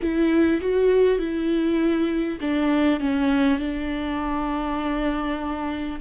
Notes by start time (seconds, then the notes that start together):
0.02 E4
0.60 F#4
1.18 E4
2.41 D4
3.00 C#4
3.59 D4